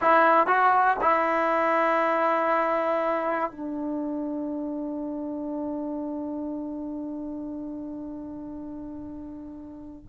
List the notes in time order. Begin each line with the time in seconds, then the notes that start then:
0.01 E4
0.46 F#4
1.01 E4
3.51 D4